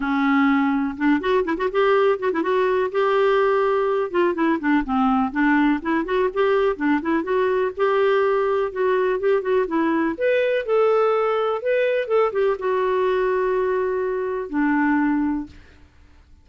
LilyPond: \new Staff \with { instrumentName = "clarinet" } { \time 4/4 \tempo 4 = 124 cis'2 d'8 fis'8 e'16 fis'16 g'8~ | g'8 fis'16 e'16 fis'4 g'2~ | g'8 f'8 e'8 d'8 c'4 d'4 | e'8 fis'8 g'4 d'8 e'8 fis'4 |
g'2 fis'4 g'8 fis'8 | e'4 b'4 a'2 | b'4 a'8 g'8 fis'2~ | fis'2 d'2 | }